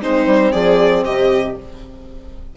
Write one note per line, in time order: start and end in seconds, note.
0.00 0.26 G#3
0.00 1.55 C4
0.00 0.52 D#4
0.00 0.52 C5
0.26 0.52 G3
0.52 1.04 F3
0.52 1.04 G#4
0.52 1.04 D5
1.04 1.56 C3
1.04 1.56 G4
1.04 1.56 D#5